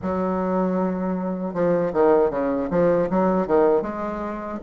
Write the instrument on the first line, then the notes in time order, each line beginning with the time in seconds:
bassoon
0.01 F#3
1.53 F3
1.93 D#3
2.30 C#3
2.70 F3
3.09 F#3
3.47 D#3
3.81 G#3